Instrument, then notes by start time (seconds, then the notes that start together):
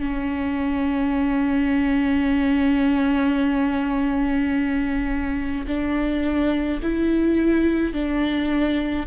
viola
0.00 C#4
5.67 D4
6.82 E4
7.93 D4